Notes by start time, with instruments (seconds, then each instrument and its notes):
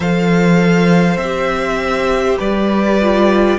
0.00 cello F3, viola A4, violin C5 F5
1.17 cello C4, violin E5
1.23 viola G4
2.38 cello G3, violin B4 D5
3.01 viola F4